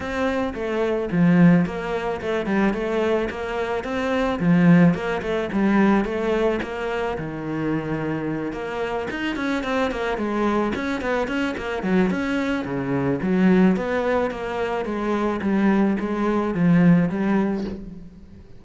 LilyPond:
\new Staff \with { instrumentName = "cello" } { \time 4/4 \tempo 4 = 109 c'4 a4 f4 ais4 | a8 g8 a4 ais4 c'4 | f4 ais8 a8 g4 a4 | ais4 dis2~ dis8 ais8~ |
ais8 dis'8 cis'8 c'8 ais8 gis4 cis'8 | b8 cis'8 ais8 fis8 cis'4 cis4 | fis4 b4 ais4 gis4 | g4 gis4 f4 g4 | }